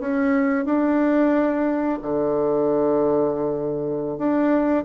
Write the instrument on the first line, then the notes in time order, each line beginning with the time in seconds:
bassoon
0.00 C#4
0.65 D4
2.02 D3
4.18 D4